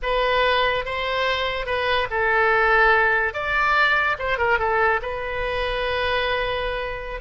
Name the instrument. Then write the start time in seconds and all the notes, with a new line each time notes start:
oboe
0.02 B4
0.85 C5
1.66 B4
2.10 A4
3.33 D5
4.18 C5
4.38 A#4
4.59 A4
5.02 B4